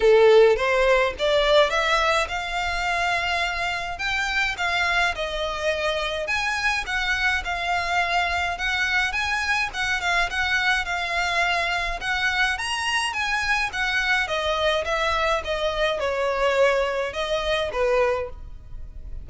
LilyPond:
\new Staff \with { instrumentName = "violin" } { \time 4/4 \tempo 4 = 105 a'4 c''4 d''4 e''4 | f''2. g''4 | f''4 dis''2 gis''4 | fis''4 f''2 fis''4 |
gis''4 fis''8 f''8 fis''4 f''4~ | f''4 fis''4 ais''4 gis''4 | fis''4 dis''4 e''4 dis''4 | cis''2 dis''4 b'4 | }